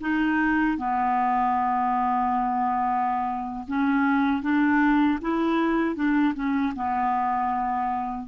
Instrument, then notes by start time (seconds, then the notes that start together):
clarinet
0.00 D#4
0.77 B3
3.67 C#4
4.42 D4
5.21 E4
5.95 D4
6.34 C#4
6.75 B3